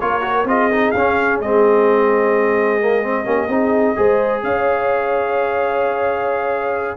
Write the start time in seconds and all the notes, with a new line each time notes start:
0.00 A#3 F4 A#4 C#5
0.21 F#4
0.45 C4 F4 G#4 D#5
0.72 D#4
0.91 C#4 F5
1.40 G#3 C4 D#5
2.81 A#3
3.02 C4
3.25 A#3 C#4 G4
3.48 C4 D#4 G#4
3.96 G#3 G#4 C5
4.43 C#4 C#5 F5